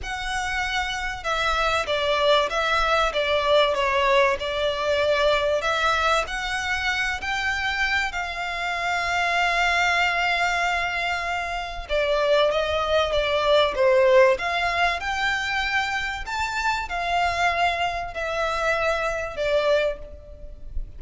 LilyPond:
\new Staff \with { instrumentName = "violin" } { \time 4/4 \tempo 4 = 96 fis''2 e''4 d''4 | e''4 d''4 cis''4 d''4~ | d''4 e''4 fis''4. g''8~ | g''4 f''2.~ |
f''2. d''4 | dis''4 d''4 c''4 f''4 | g''2 a''4 f''4~ | f''4 e''2 d''4 | }